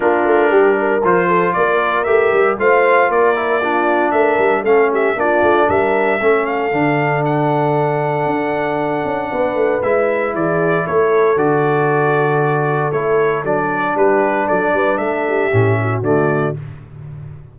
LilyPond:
<<
  \new Staff \with { instrumentName = "trumpet" } { \time 4/4 \tempo 4 = 116 ais'2 c''4 d''4 | e''4 f''4 d''2 | e''4 f''8 e''8 d''4 e''4~ | e''8 f''4. fis''2~ |
fis''2. e''4 | d''4 cis''4 d''2~ | d''4 cis''4 d''4 b'4 | d''4 e''2 d''4 | }
  \new Staff \with { instrumentName = "horn" } { \time 4/4 f'4 g'8 ais'4 a'8 ais'4~ | ais'4 c''4 ais'4 f'4 | ais'4 a'8 g'8 f'4 ais'4 | a'1~ |
a'2 b'2 | gis'4 a'2.~ | a'2. g'4 | a'8 b'8 a'8 g'4 fis'4. | }
  \new Staff \with { instrumentName = "trombone" } { \time 4/4 d'2 f'2 | g'4 f'4. e'8 d'4~ | d'4 cis'4 d'2 | cis'4 d'2.~ |
d'2. e'4~ | e'2 fis'2~ | fis'4 e'4 d'2~ | d'2 cis'4 a4 | }
  \new Staff \with { instrumentName = "tuba" } { \time 4/4 ais8 a8 g4 f4 ais4 | a8 g8 a4 ais2 | a8 g8 a4 ais8 a8 g4 | a4 d2. |
d'4. cis'8 b8 a8 gis4 | e4 a4 d2~ | d4 a4 fis4 g4 | fis8 g8 a4 a,4 d4 | }
>>